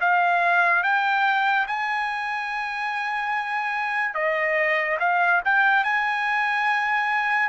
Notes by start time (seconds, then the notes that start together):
0.00 F5
0.83 G5
1.67 G#5
4.14 D#5
4.99 F5
5.44 G5
5.84 G#5